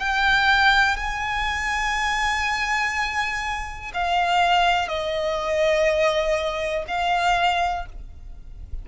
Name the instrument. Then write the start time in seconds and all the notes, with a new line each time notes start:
violin
0.00 G5
0.97 G#5
3.94 F5
4.89 D#5
6.88 F5